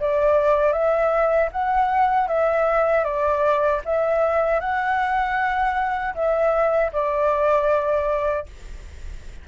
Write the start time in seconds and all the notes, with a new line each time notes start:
0.00 D5
0.73 E5
1.52 F#5
2.28 E5
3.05 D5
3.85 E5
4.60 F#5
6.15 E5
6.93 D5